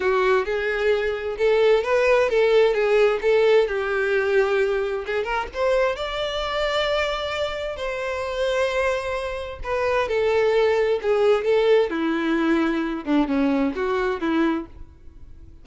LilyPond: \new Staff \with { instrumentName = "violin" } { \time 4/4 \tempo 4 = 131 fis'4 gis'2 a'4 | b'4 a'4 gis'4 a'4 | g'2. gis'8 ais'8 | c''4 d''2.~ |
d''4 c''2.~ | c''4 b'4 a'2 | gis'4 a'4 e'2~ | e'8 d'8 cis'4 fis'4 e'4 | }